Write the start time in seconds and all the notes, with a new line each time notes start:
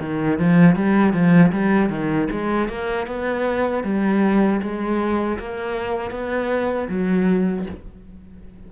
0.00 D#3
0.38 F3
0.76 G3
1.13 F3
1.52 G3
1.90 D#3
2.31 G#3
2.69 A#3
3.07 B3
3.84 G3
4.62 G#3
5.39 A#3
6.11 B3
6.89 F#3